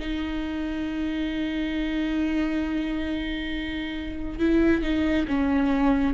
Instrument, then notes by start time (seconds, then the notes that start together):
viola
0.00 D#4
4.40 E4
4.83 D#4
5.28 C#4